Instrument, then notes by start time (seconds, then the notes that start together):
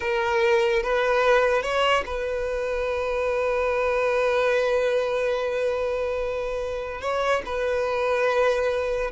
violin
0.00 A#4
0.83 B4
1.62 C#5
2.06 B4
7.01 C#5
7.45 B4